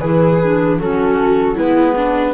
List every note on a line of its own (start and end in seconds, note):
0.00 0.80 E3
0.00 0.43 E4
0.00 0.80 G#4
0.00 0.79 B4
0.43 0.81 D4
0.80 1.59 F#3
0.80 1.57 C#4
0.80 1.56 F#4
0.80 1.58 A4
1.56 2.35 G#3
1.56 2.35 B3
1.56 1.95 E4
1.56 2.35 B4
1.96 2.35 D4